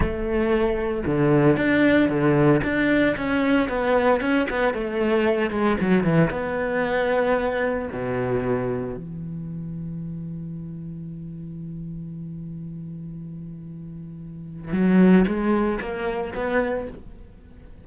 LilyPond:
\new Staff \with { instrumentName = "cello" } { \time 4/4 \tempo 4 = 114 a2 d4 d'4 | d4 d'4 cis'4 b4 | cis'8 b8 a4. gis8 fis8 e8 | b2. b,4~ |
b,4 e2.~ | e1~ | e1 | fis4 gis4 ais4 b4 | }